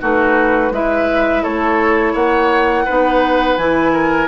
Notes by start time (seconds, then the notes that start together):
0.00 A3 D#4 F#4 B4
0.71 G#3 E4 B4 E5
1.43 A3 A4 C#5
2.13 A#3 C#5 F#5
2.85 B3 D#4 B4
3.57 E3 E4 G#5
3.93 A#4